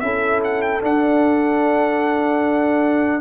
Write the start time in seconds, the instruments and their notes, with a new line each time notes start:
0.00 tuba C#4, trombone E4, horn A4, trumpet E5
0.44 trumpet F#5
0.61 trumpet G5
0.81 trombone D4, tuba D4, trumpet F#5